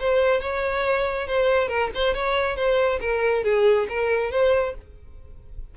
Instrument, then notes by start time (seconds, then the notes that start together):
violin
0.00 C5
0.41 C#5
1.28 C5
1.69 A#4
1.95 C5
2.14 C#5
2.56 C5
3.01 A#4
3.44 G#4
3.89 A#4
4.31 C5